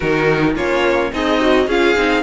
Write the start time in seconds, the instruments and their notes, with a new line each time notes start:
0.00 cello D#3, viola D#4, violin F#4 A#4
0.55 cello A#3, viola C#4, violin F4 C#5
1.12 cello C4, violin D#4 D#5, viola G#4
1.40 viola F#4
1.66 cello C#4, viola F4, violin G#4 F5
1.96 cello C4, viola D#4